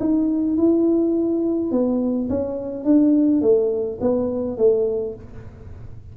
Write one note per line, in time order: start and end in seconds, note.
0.00 0.57 D#4
0.57 1.71 E4
1.72 2.29 B3
2.30 2.84 C#4
2.84 3.42 D4
3.42 3.99 A3
4.01 4.58 B3
4.58 5.15 A3